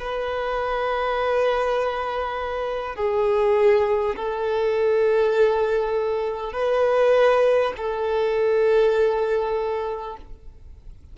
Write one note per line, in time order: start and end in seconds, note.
0.00 2.96 B4
2.96 4.16 G#4
4.17 6.53 A4
6.53 7.73 B4
7.77 10.17 A4